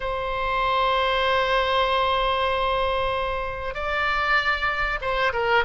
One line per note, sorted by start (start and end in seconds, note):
0.00 3.74 C5
3.74 4.99 D5
5.01 5.32 C5
5.33 5.64 A#4